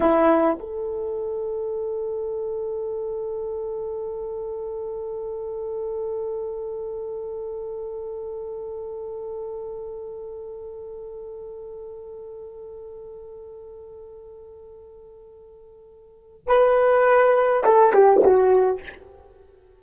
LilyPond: \new Staff \with { instrumentName = "horn" } { \time 4/4 \tempo 4 = 102 e'4 a'2.~ | a'1~ | a'1~ | a'1~ |
a'1~ | a'1~ | a'1 | b'2 a'8 g'8 fis'4 | }